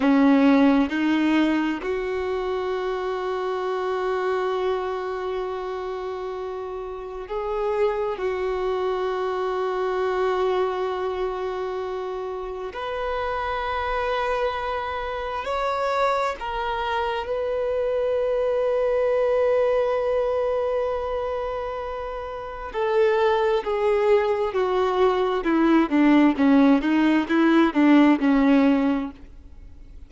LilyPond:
\new Staff \with { instrumentName = "violin" } { \time 4/4 \tempo 4 = 66 cis'4 dis'4 fis'2~ | fis'1 | gis'4 fis'2.~ | fis'2 b'2~ |
b'4 cis''4 ais'4 b'4~ | b'1~ | b'4 a'4 gis'4 fis'4 | e'8 d'8 cis'8 dis'8 e'8 d'8 cis'4 | }